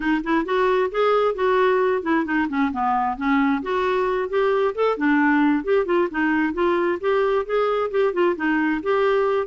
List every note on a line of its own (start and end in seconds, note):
0.00 0.21 D#4
0.23 0.45 E4
0.45 0.90 F#4
0.91 1.35 G#4
1.35 2.02 F#4
2.02 2.25 E4
2.25 2.47 D#4
2.49 2.71 C#4
2.72 3.17 B3
3.17 3.62 C#4
3.62 4.29 F#4
4.29 4.74 G4
4.74 4.97 A4
4.97 5.63 D4
5.63 5.85 G4
5.85 6.08 F4
6.10 6.53 D#4
6.53 6.98 F4
7.00 7.45 G4
7.45 7.90 G#4
7.91 8.13 G4
8.13 8.35 F4
8.36 8.81 D#4
8.82 9.47 G4